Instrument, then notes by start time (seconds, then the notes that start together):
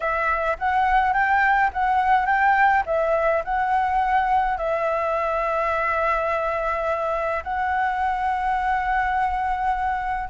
flute
0.00 E5
0.58 F#5
1.13 G5
1.73 F#5
2.26 G5
2.86 E5
3.44 F#5
4.57 E5
7.43 F#5